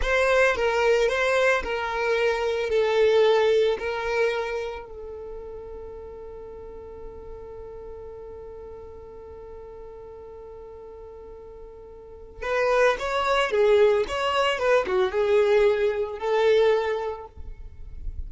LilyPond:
\new Staff \with { instrumentName = "violin" } { \time 4/4 \tempo 4 = 111 c''4 ais'4 c''4 ais'4~ | ais'4 a'2 ais'4~ | ais'4 a'2.~ | a'1~ |
a'1~ | a'2. b'4 | cis''4 gis'4 cis''4 b'8 fis'8 | gis'2 a'2 | }